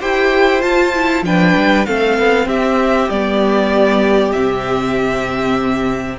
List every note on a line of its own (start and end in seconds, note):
0.00 0.63 E4
0.00 0.60 G4
0.00 1.24 C5
0.00 0.61 G5
0.60 0.91 F4
0.60 1.22 F4
0.60 1.23 A5
0.94 1.24 E4
1.22 1.53 F3
1.22 1.86 D4
1.22 1.86 B4
1.22 1.85 G5
1.56 1.87 G3
1.85 2.19 A3
1.85 3.10 C4
1.85 2.47 A4
1.85 2.47 F5
2.19 2.46 B3
2.46 3.08 C4
2.46 6.18 G4
2.46 3.10 E5
3.10 4.33 G3
3.10 4.34 B3
3.10 4.32 D5
4.32 6.19 C3
4.32 6.19 C4
4.32 6.17 E5